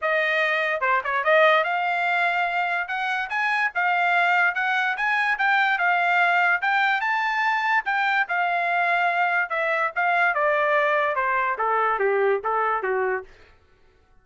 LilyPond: \new Staff \with { instrumentName = "trumpet" } { \time 4/4 \tempo 4 = 145 dis''2 c''8 cis''8 dis''4 | f''2. fis''4 | gis''4 f''2 fis''4 | gis''4 g''4 f''2 |
g''4 a''2 g''4 | f''2. e''4 | f''4 d''2 c''4 | a'4 g'4 a'4 fis'4 | }